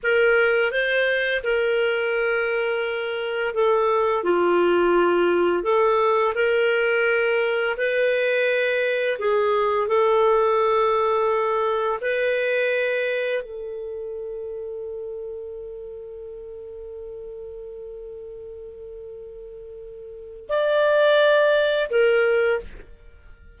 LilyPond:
\new Staff \with { instrumentName = "clarinet" } { \time 4/4 \tempo 4 = 85 ais'4 c''4 ais'2~ | ais'4 a'4 f'2 | a'4 ais'2 b'4~ | b'4 gis'4 a'2~ |
a'4 b'2 a'4~ | a'1~ | a'1~ | a'4 d''2 ais'4 | }